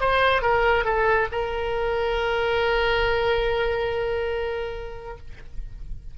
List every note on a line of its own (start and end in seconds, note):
0.00 0.42 C5
0.42 0.85 A#4
0.85 1.27 A4
1.32 5.18 A#4